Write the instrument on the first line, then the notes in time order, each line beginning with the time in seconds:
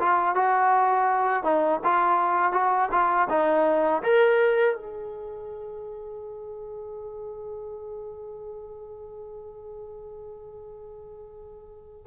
trombone
0.00 F4
0.36 F#4
1.44 D#4
1.84 F4
2.53 F#4
2.92 F4
3.30 D#4
4.03 A#4
4.76 G#4